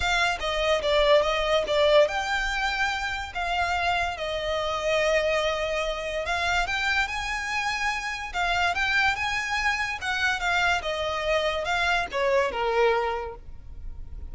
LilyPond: \new Staff \with { instrumentName = "violin" } { \time 4/4 \tempo 4 = 144 f''4 dis''4 d''4 dis''4 | d''4 g''2. | f''2 dis''2~ | dis''2. f''4 |
g''4 gis''2. | f''4 g''4 gis''2 | fis''4 f''4 dis''2 | f''4 cis''4 ais'2 | }